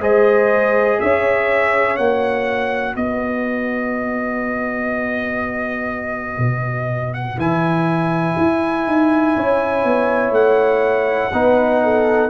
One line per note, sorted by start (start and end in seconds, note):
0.00 0.98 G#3
0.00 1.97 G#4
0.00 0.99 C5
0.00 1.00 D#5
1.00 1.98 C#4
1.00 2.94 C#5
1.00 1.96 E5
1.96 2.95 A#3
1.96 7.38 F#4
1.96 2.95 F#5
2.94 6.37 B3
2.94 9.33 B4
2.94 7.14 D#5
6.37 7.36 B2
7.14 7.38 F#5
7.37 8.36 E3
7.37 11.32 E4
7.37 10.33 G#5
8.37 8.86 E4
8.86 9.35 D#4
9.35 9.84 C#4
9.35 11.33 C#5
9.84 10.31 B3
10.31 11.29 A3
10.31 12.29 F#5
11.33 12.29 B3
11.33 12.29 D#4
11.33 11.82 B4
11.83 12.29 A4